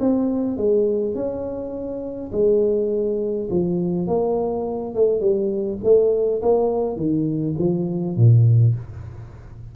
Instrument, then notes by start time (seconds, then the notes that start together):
tuba
0.00 C4
0.57 G#3
1.15 C#4
2.32 G#3
3.50 F3
4.08 A#3
4.95 A3
5.20 G3
5.84 A3
6.42 A#3
6.97 D#3
7.59 F3
8.17 A#2